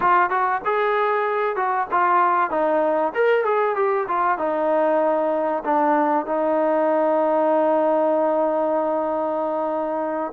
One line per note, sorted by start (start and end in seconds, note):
0.00 0.30 F4
0.30 0.61 F#4
0.64 1.55 G#4
1.55 1.87 F#4
1.91 2.50 F4
2.50 3.12 D#4
3.14 3.44 A#4
3.44 3.75 G#4
3.75 4.06 G4
4.08 4.38 F4
4.38 5.63 D#4
5.64 6.26 D4
6.26 10.32 D#4